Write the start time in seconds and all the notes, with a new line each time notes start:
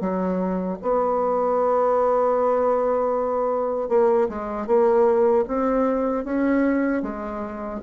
0.00 F#3
0.82 B3
3.89 A#3
4.29 G#3
4.66 A#3
5.47 C4
6.24 C#4
7.02 G#3